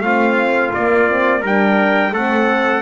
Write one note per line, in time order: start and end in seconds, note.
0.00 0.70 A3
0.00 0.74 C4
0.00 1.41 F4
0.00 0.72 F5
0.74 1.42 A#3
0.74 1.08 A#3
0.74 1.43 D5
1.08 1.43 C4
1.41 2.11 G3
1.41 2.14 D4
1.41 2.11 A#4
1.41 2.14 G5
2.11 2.81 A3
2.11 2.82 C4
2.11 2.82 A4
2.11 2.82 F#5